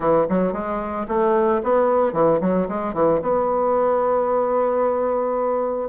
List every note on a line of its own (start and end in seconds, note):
0.00 0.26 E3
0.29 0.52 F#3
0.52 1.06 G#3
1.07 1.61 A3
1.63 2.12 B3
2.12 2.39 E3
2.41 2.67 F#3
2.68 2.93 G#3
2.93 3.20 E3
3.22 5.89 B3